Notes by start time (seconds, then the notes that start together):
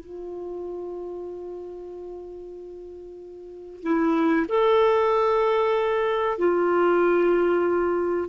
0.00 F4
3.83 E4
4.49 A4
6.38 F4